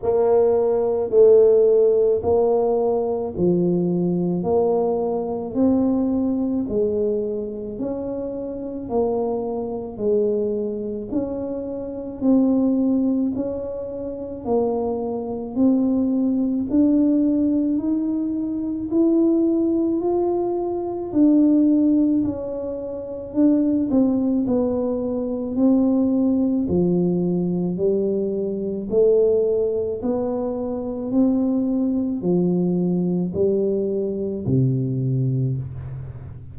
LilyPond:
\new Staff \with { instrumentName = "tuba" } { \time 4/4 \tempo 4 = 54 ais4 a4 ais4 f4 | ais4 c'4 gis4 cis'4 | ais4 gis4 cis'4 c'4 | cis'4 ais4 c'4 d'4 |
dis'4 e'4 f'4 d'4 | cis'4 d'8 c'8 b4 c'4 | f4 g4 a4 b4 | c'4 f4 g4 c4 | }